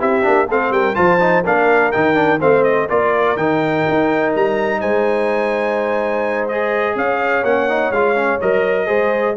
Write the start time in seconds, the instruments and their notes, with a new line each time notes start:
0.00 tuba C4, trombone E4, horn G4, trumpet E5
0.23 tuba A#3, trombone D4
0.48 tuba A3, trombone C4, horn A4, trumpet F5
0.71 tuba G3, horn A#4, trumpet G5
0.95 tuba F3, trombone F4, horn C5, trumpet A5
1.20 trombone D#4
1.44 tuba A#3, trombone D4, horn A#4, trumpet F5
1.92 tuba D#3, trombone D#4, trumpet G5
2.15 trombone D4
2.40 tuba A3, trombone C4, horn C5, trumpet F5
2.64 trumpet D#5
2.90 tuba A#3, trombone F4, horn A#4, trumpet D5
3.37 tuba D#3, trombone D#4, trumpet G5
3.89 tuba D#4
4.36 tuba G3, trumpet A#5
4.80 tuba G#3, horn C5, trumpet G#5
6.49 trombone G#4, trumpet D#5
6.96 tuba C#4, horn C#5, trumpet F5
7.44 tuba A#3, trombone C#4, trumpet F#5
7.69 trombone D#4
7.91 tuba G#3, trombone F4, trumpet F5
8.16 trombone C#4
8.41 tuba F#3, trombone A#4, trumpet D#5
8.87 tuba G#3, trombone G#4, horn C5